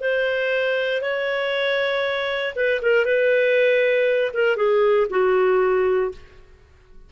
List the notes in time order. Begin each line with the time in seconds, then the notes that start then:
0.00 C5
1.01 C#5
2.55 B4
2.82 A#4
3.05 B4
4.33 A#4
4.56 G#4
5.10 F#4